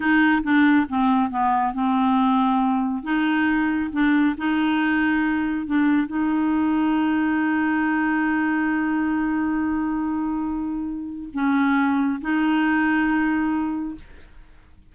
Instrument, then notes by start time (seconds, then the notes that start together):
clarinet
0.00 D#4
0.43 D4
0.88 C4
1.30 B3
1.73 C4
3.03 D#4
3.92 D4
4.37 D#4
5.66 D4
6.07 D#4
11.33 C#4
12.21 D#4